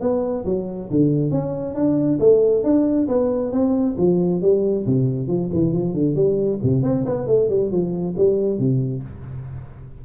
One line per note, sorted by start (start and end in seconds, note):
0.00 0.44 B3
0.45 0.89 F#3
0.90 1.31 D3
1.31 1.74 C#4
1.74 2.19 D4
2.19 2.63 A3
2.63 3.07 D4
3.08 3.52 B3
3.52 3.96 C4
3.97 4.41 F3
4.42 4.86 G3
4.86 5.28 C3
5.28 5.50 F3
5.53 5.73 E3
5.73 5.94 F3
5.94 6.15 D3
6.15 6.59 G3
6.63 6.83 C3
6.83 7.05 C4
7.05 7.27 B3
7.27 7.49 A3
7.49 7.71 G3
7.71 8.15 F3
8.17 8.59 G3
8.59 9.03 C3